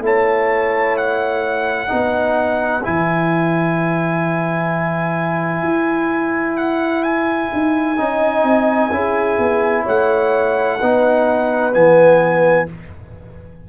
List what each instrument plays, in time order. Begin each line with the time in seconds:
0.00 tuba A3, trombone E4, horn C#5
0.06 trumpet A5
0.97 trumpet F#5
1.88 tuba B3, trombone D#4, horn B4
2.83 tuba E3, trombone E4, trumpet G#5
5.63 tuba E4
6.57 trumpet F#5
7.03 trumpet G#5
7.53 tuba D#4
7.97 tuba C#4, trombone D#4, horn D#5
8.43 tuba C4
8.91 tuba C#4, trombone E4, horn G#4
9.38 tuba B3
9.83 tuba A3, horn C#5, trumpet F#5
10.79 tuba B3, trombone D#4, horn B4
11.73 tuba E3, trombone B3, trumpet G#5